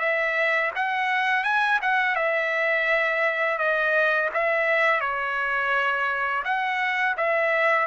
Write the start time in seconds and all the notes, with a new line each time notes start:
0.00 E5
0.76 F#5
1.44 G#5
1.82 F#5
2.16 E5
3.59 D#5
4.34 E5
5.01 C#5
6.45 F#5
7.18 E5